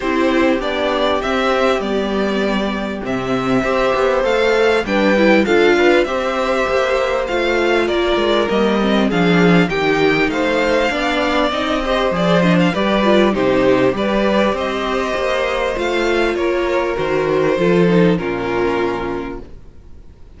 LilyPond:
<<
  \new Staff \with { instrumentName = "violin" } { \time 4/4 \tempo 4 = 99 c''4 d''4 e''4 d''4~ | d''4 e''2 f''4 | g''4 f''4 e''2 | f''4 d''4 dis''4 f''4 |
g''4 f''2 dis''4 | d''8 dis''16 f''16 d''4 c''4 d''4 | dis''2 f''4 cis''4 | c''2 ais'2 | }
  \new Staff \with { instrumentName = "violin" } { \time 4/4 g'1~ | g'2 c''2 | b'4 a'8 b'8 c''2~ | c''4 ais'2 gis'4 |
g'4 c''4 d''4. c''8~ | c''4 b'4 g'4 b'4 | c''2. ais'4~ | ais'4 a'4 f'2 | }
  \new Staff \with { instrumentName = "viola" } { \time 4/4 e'4 d'4 c'4 b4~ | b4 c'4 g'4 a'4 | d'8 e'8 f'4 g'2 | f'2 ais8 c'8 d'4 |
dis'2 d'4 dis'8 g'8 | gis'8 d'8 g'8 f'8 dis'4 g'4~ | g'2 f'2 | fis'4 f'8 dis'8 cis'2 | }
  \new Staff \with { instrumentName = "cello" } { \time 4/4 c'4 b4 c'4 g4~ | g4 c4 c'8 b8 a4 | g4 d'4 c'4 ais4 | a4 ais8 gis8 g4 f4 |
dis4 a4 b4 c'4 | f4 g4 c4 g4 | c'4 ais4 a4 ais4 | dis4 f4 ais,2 | }
>>